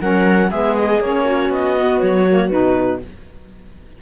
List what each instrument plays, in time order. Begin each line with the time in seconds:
0.00 cello F#3, saxophone C#4, viola A#4, clarinet F#5
0.50 cello G#3, saxophone B3, viola G#4, clarinet E5
0.76 clarinet D#5
1.00 cello A#3, saxophone C#4, clarinet C#5
1.25 viola F#4
1.49 cello B3, clarinet D#5
1.77 saxophone B3
1.99 cello F#3, clarinet C#5
2.29 saxophone A#3
2.49 cello B2, saxophone D#4, clarinet B4